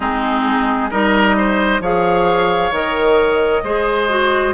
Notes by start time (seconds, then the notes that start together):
0.00 G#3 C4 D#4 G#4
0.90 G3 D#4 A#4 D#5
1.37 C5
1.80 F3 G#4 C#5 F5
2.71 D#3 A#4 D#5
3.63 G#3 G#4 C5
4.08 F#4